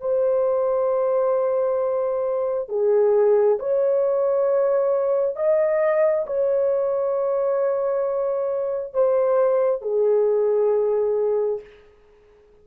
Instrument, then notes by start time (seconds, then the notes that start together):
horn
0.00 C5
2.69 G#4
3.59 C#5
5.36 D#5
6.26 C#5
8.93 C5
9.81 G#4